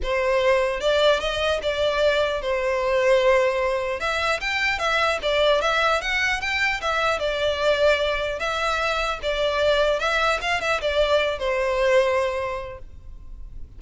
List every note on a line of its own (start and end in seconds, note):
0.02 0.80 C5
0.80 1.20 D5
1.20 1.60 D#5
1.62 2.41 D5
2.41 4.00 C5
4.00 4.40 E5
4.40 4.79 G5
4.79 5.19 E5
5.22 5.61 D5
5.61 6.01 E5
6.01 6.40 F#5
6.40 6.80 G5
6.81 7.19 E5
7.19 8.39 D5
8.39 9.19 E5
9.22 9.99 D5
9.99 10.39 E5
10.41 10.61 F5
10.61 10.81 E5
10.81 11.38 D5
11.38 12.78 C5